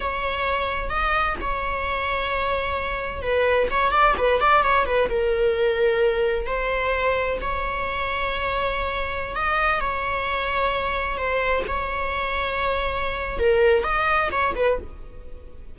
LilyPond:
\new Staff \with { instrumentName = "viola" } { \time 4/4 \tempo 4 = 130 cis''2 dis''4 cis''4~ | cis''2. b'4 | cis''8 d''8 b'8 d''8 cis''8 b'8 ais'4~ | ais'2 c''2 |
cis''1~ | cis''16 dis''4 cis''2~ cis''8.~ | cis''16 c''4 cis''2~ cis''8.~ | cis''4 ais'4 dis''4 cis''8 b'8 | }